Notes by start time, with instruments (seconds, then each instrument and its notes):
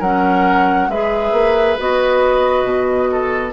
0.00 bassoon F#3, clarinet C#4, oboe A#4, flute F#5
0.88 bassoon G#3, clarinet G#4, oboe B4, flute E5
1.32 bassoon A#3
1.79 bassoon B3, clarinet F#4, flute D#5
2.65 bassoon B2
3.12 oboe A4